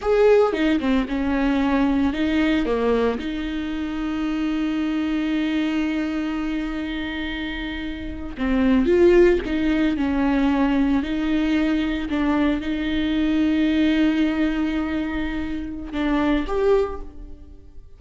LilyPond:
\new Staff \with { instrumentName = "viola" } { \time 4/4 \tempo 4 = 113 gis'4 dis'8 c'8 cis'2 | dis'4 ais4 dis'2~ | dis'1~ | dis'2.~ dis'8. c'16~ |
c'8. f'4 dis'4 cis'4~ cis'16~ | cis'8. dis'2 d'4 dis'16~ | dis'1~ | dis'2 d'4 g'4 | }